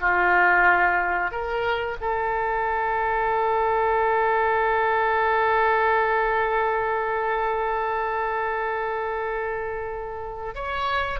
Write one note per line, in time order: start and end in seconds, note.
0.00 1.31 F4
1.31 1.97 A#4
2.01 10.55 A4
10.55 11.19 C#5